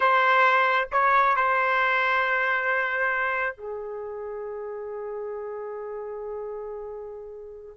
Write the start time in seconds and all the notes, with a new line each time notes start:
0.00 C5
0.92 C#5
1.36 C5
3.56 G#4